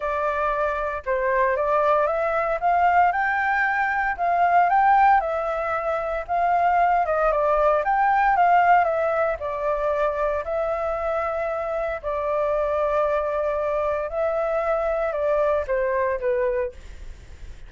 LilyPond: \new Staff \with { instrumentName = "flute" } { \time 4/4 \tempo 4 = 115 d''2 c''4 d''4 | e''4 f''4 g''2 | f''4 g''4 e''2 | f''4. dis''8 d''4 g''4 |
f''4 e''4 d''2 | e''2. d''4~ | d''2. e''4~ | e''4 d''4 c''4 b'4 | }